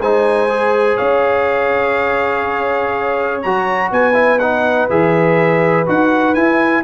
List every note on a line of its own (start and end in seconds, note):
0.00 0.98 G#3
0.00 0.49 D#4
0.00 0.97 C5
0.00 0.97 G#5
0.49 3.42 G#4
0.97 3.44 C#4
0.97 3.90 C#5
0.97 3.41 F5
3.42 3.91 F#3
3.42 4.13 F#4
3.42 3.90 A#5
3.91 4.88 B3
3.91 6.83 B4
3.91 4.39 G#5
4.13 4.37 E4
4.39 4.89 D#4
4.39 4.87 F#5
4.89 5.87 E3
4.89 5.86 G#4
4.89 5.87 E5
5.86 6.36 D#4
5.86 6.34 F#4
5.86 6.34 F#5
6.34 6.84 E4
6.34 6.83 G#5